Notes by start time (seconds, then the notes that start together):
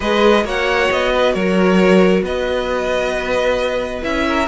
0.00 G#3 G#4 B4 D#5
0.44 A#3 F#4 C#5 F#5
0.91 B3 D#5
1.12 B4
1.33 F#3 A#4 C#5
2.22 B3 B4 D#5
4.01 C#4 E4 E5
4.27 A#4